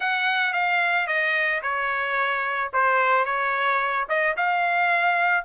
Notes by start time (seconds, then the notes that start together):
0.00 F#5
0.53 F5
1.07 D#5
1.62 C#5
2.73 C5
3.25 C#5
4.09 D#5
4.36 F5